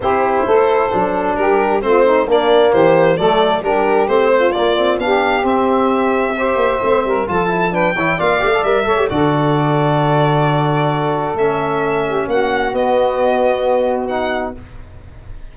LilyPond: <<
  \new Staff \with { instrumentName = "violin" } { \time 4/4 \tempo 4 = 132 c''2. ais'4 | c''4 d''4 c''4 d''4 | ais'4 c''4 d''4 f''4 | e''1 |
a''4 g''4 f''4 e''4 | d''1~ | d''4 e''2 fis''4 | dis''2. fis''4 | }
  \new Staff \with { instrumentName = "saxophone" } { \time 4/4 g'4 a'2 g'4 | f'8 dis'8 d'4 g'4 a'4 | g'4. f'4. g'4~ | g'2 c''4. ais'8 |
a'4 b'8 cis''8 d''4. cis''8 | a'1~ | a'2~ a'8 g'8 fis'4~ | fis'1 | }
  \new Staff \with { instrumentName = "trombone" } { \time 4/4 e'2 d'2 | c'4 ais2 a4 | d'4 c'4 ais8 c'8 d'4 | c'2 g'4 c'4 |
f'8 e'8 d'8 e'8 f'8 g'16 a'16 ais'8 a'16 g'16 | fis'1~ | fis'4 cis'2. | b2. dis'4 | }
  \new Staff \with { instrumentName = "tuba" } { \time 4/4 c'4 a4 fis4 g4 | a4 ais4 e4 fis4 | g4 a4 ais4 b4 | c'2~ c'8 ais8 a8 g8 |
f4. e8 ais8 a8 g8 a8 | d1~ | d4 a2 ais4 | b1 | }
>>